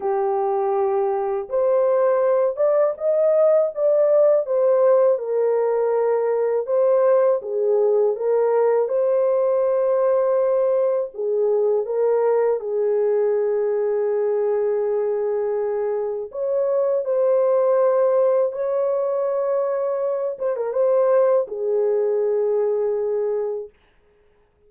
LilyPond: \new Staff \with { instrumentName = "horn" } { \time 4/4 \tempo 4 = 81 g'2 c''4. d''8 | dis''4 d''4 c''4 ais'4~ | ais'4 c''4 gis'4 ais'4 | c''2. gis'4 |
ais'4 gis'2.~ | gis'2 cis''4 c''4~ | c''4 cis''2~ cis''8 c''16 ais'16 | c''4 gis'2. | }